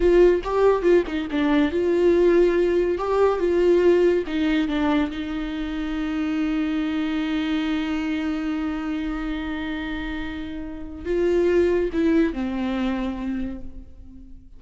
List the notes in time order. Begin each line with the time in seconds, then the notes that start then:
0.00 F4
0.44 G4
0.82 F4
1.06 D#4
1.31 D4
1.71 F4
2.98 G4
3.39 F4
4.26 D#4
4.68 D4
5.10 D#4
11.05 F4
11.92 E4
12.33 C4